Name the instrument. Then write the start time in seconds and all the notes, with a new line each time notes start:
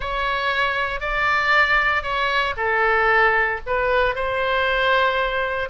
oboe
0.00 C#5
1.00 D5
2.02 C#5
2.57 A4
3.66 B4
4.15 C5